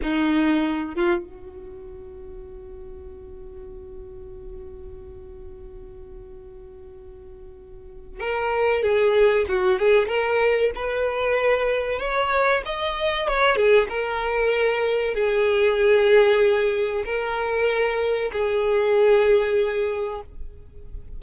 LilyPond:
\new Staff \with { instrumentName = "violin" } { \time 4/4 \tempo 4 = 95 dis'4. f'8 fis'2~ | fis'1~ | fis'1~ | fis'4 ais'4 gis'4 fis'8 gis'8 |
ais'4 b'2 cis''4 | dis''4 cis''8 gis'8 ais'2 | gis'2. ais'4~ | ais'4 gis'2. | }